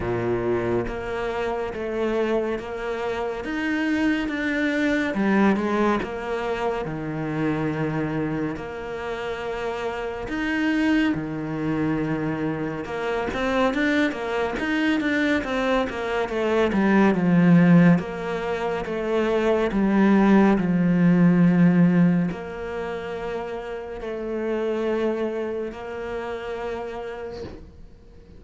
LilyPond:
\new Staff \with { instrumentName = "cello" } { \time 4/4 \tempo 4 = 70 ais,4 ais4 a4 ais4 | dis'4 d'4 g8 gis8 ais4 | dis2 ais2 | dis'4 dis2 ais8 c'8 |
d'8 ais8 dis'8 d'8 c'8 ais8 a8 g8 | f4 ais4 a4 g4 | f2 ais2 | a2 ais2 | }